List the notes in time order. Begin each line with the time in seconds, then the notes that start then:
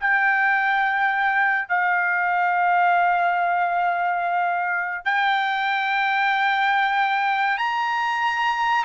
0.00 G5
1.69 F5
5.05 G5
7.57 A#5